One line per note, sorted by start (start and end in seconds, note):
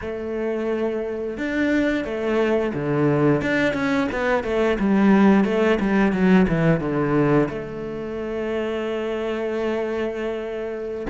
0.01 1.37 A3
1.37 2.04 D4
2.04 2.72 A3
2.74 3.41 D3
3.41 3.73 D4
3.73 4.07 C#4
4.12 4.43 B3
4.43 4.77 A3
4.79 5.44 G3
5.44 5.78 A3
5.80 6.12 G3
6.12 6.46 F#3
6.47 6.80 E3
6.80 7.48 D3
7.48 11.06 A3